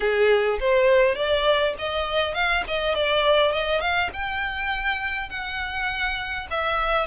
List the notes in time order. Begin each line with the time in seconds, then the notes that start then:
0.00 G#4
0.60 C5
1.15 D5
1.78 D#5
2.34 F5
2.67 D#5
2.94 D5
3.51 D#5
3.80 F5
4.13 G5
5.29 F#5
6.50 E5